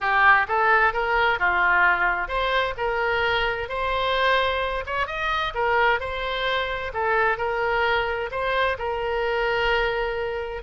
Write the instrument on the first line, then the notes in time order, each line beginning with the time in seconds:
oboe
0.00 G4
0.47 A4
0.93 A#4
1.39 F4
2.27 C5
2.77 A#4
3.69 C5
4.85 C#5
5.06 D#5
5.54 A#4
5.99 C5
6.93 A4
7.37 A#4
8.31 C5
8.78 A#4